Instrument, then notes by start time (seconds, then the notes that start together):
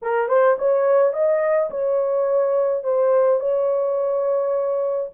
horn
0.02 A#4
0.28 C5
0.58 C#5
1.13 D#5
1.70 C#5
2.83 C5
3.40 C#5